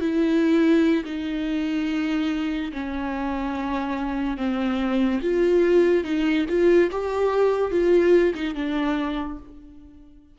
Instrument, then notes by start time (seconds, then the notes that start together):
viola
0.00 E4
1.05 D#4
2.72 C#4
4.37 C4
5.22 F4
6.04 D#4
6.49 F4
6.91 G4
7.71 F4
8.34 D#4
8.55 D4